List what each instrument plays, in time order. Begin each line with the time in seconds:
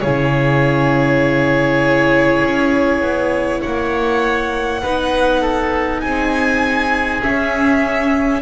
0.00 double bass C#3, viola E4, oboe G#4, violin C#5
2.43 double bass C#4
3.01 double bass B3
3.61 double bass A#3, oboe C#5, violin F#5
4.82 double bass B3, viola D#4, oboe B4
5.41 oboe A4
6.00 double bass C4, oboe G#4, violin G#5
7.22 viola C#4, double bass C#4, violin E5